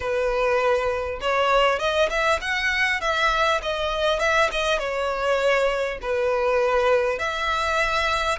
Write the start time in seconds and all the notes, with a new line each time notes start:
0.00 B4
1.20 C#5
1.79 D#5
2.09 E5
2.41 F#5
3.00 E5
3.62 D#5
4.19 E5
4.51 D#5
4.78 C#5
6.01 B4
7.18 E5